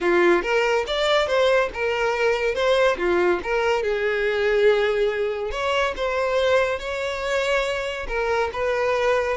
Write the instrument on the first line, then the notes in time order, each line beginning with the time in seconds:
violin
0.00 F4
0.42 A#4
0.86 D5
1.27 C5
1.73 A#4
2.54 C5
2.97 F4
3.43 A#4
3.82 G#4
5.51 C#5
5.96 C5
6.79 C#5
8.08 A#4
8.52 B4